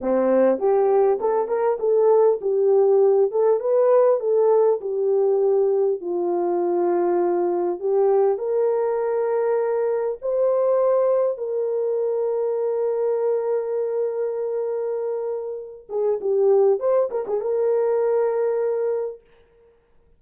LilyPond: \new Staff \with { instrumentName = "horn" } { \time 4/4 \tempo 4 = 100 c'4 g'4 a'8 ais'8 a'4 | g'4. a'8 b'4 a'4 | g'2 f'2~ | f'4 g'4 ais'2~ |
ais'4 c''2 ais'4~ | ais'1~ | ais'2~ ais'8 gis'8 g'4 | c''8 ais'16 gis'16 ais'2. | }